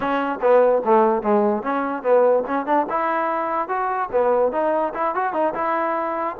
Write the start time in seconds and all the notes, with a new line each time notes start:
0.00 C#4
0.41 B3
0.84 A3
1.22 G#3
1.63 C#4
2.02 B3
2.47 C#4
2.65 D4
2.89 E4
3.68 F#4
4.12 B3
4.52 D#4
4.94 E4
5.14 F#4
5.33 D#4
5.54 E4